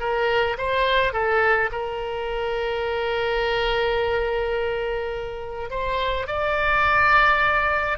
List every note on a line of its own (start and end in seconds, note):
0.00 0.57 A#4
0.58 1.13 C5
1.13 1.70 A4
1.72 5.71 A#4
5.71 6.28 C5
6.28 7.98 D5